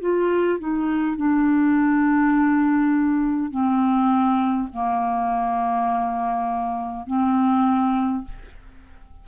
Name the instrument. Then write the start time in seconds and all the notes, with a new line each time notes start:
clarinet
0.00 F4
0.59 D#4
1.17 D4
3.50 C4
4.73 A#3
7.06 C4